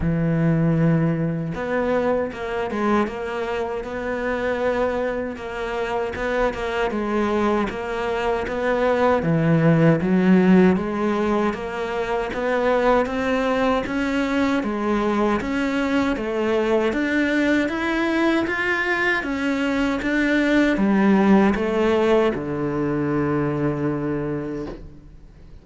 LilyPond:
\new Staff \with { instrumentName = "cello" } { \time 4/4 \tempo 4 = 78 e2 b4 ais8 gis8 | ais4 b2 ais4 | b8 ais8 gis4 ais4 b4 | e4 fis4 gis4 ais4 |
b4 c'4 cis'4 gis4 | cis'4 a4 d'4 e'4 | f'4 cis'4 d'4 g4 | a4 d2. | }